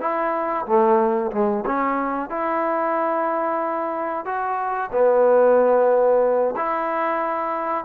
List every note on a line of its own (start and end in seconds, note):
0.00 0.65 E4
0.66 1.31 A3
1.32 1.64 G#3
1.66 2.29 C#4
2.29 4.25 E4
4.25 4.90 F#4
4.92 6.55 B3
6.56 7.85 E4